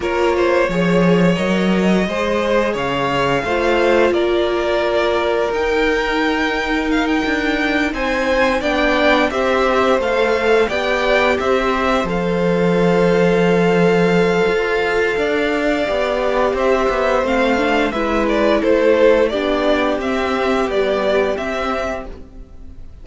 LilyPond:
<<
  \new Staff \with { instrumentName = "violin" } { \time 4/4 \tempo 4 = 87 cis''2 dis''2 | f''2 d''2 | g''2 f''16 g''4~ g''16 gis''8~ | gis''8 g''4 e''4 f''4 g''8~ |
g''8 e''4 f''2~ f''8~ | f''1 | e''4 f''4 e''8 d''8 c''4 | d''4 e''4 d''4 e''4 | }
  \new Staff \with { instrumentName = "violin" } { \time 4/4 ais'8 c''8 cis''2 c''4 | cis''4 c''4 ais'2~ | ais'2.~ ais'8 c''8~ | c''8 d''4 c''2 d''8~ |
d''8 c''2.~ c''8~ | c''2 d''2 | c''2 b'4 a'4 | g'1 | }
  \new Staff \with { instrumentName = "viola" } { \time 4/4 f'4 gis'4 ais'4 gis'4~ | gis'4 f'2. | dis'1~ | dis'8 d'4 g'4 a'4 g'8~ |
g'4. a'2~ a'8~ | a'2. g'4~ | g'4 c'8 d'8 e'2 | d'4 c'4 g4 c'4 | }
  \new Staff \with { instrumentName = "cello" } { \time 4/4 ais4 f4 fis4 gis4 | cis4 a4 ais2 | dis'2~ dis'8 d'4 c'8~ | c'8 b4 c'4 a4 b8~ |
b8 c'4 f2~ f8~ | f4 f'4 d'4 b4 | c'8 b8 a4 gis4 a4 | b4 c'4 b4 c'4 | }
>>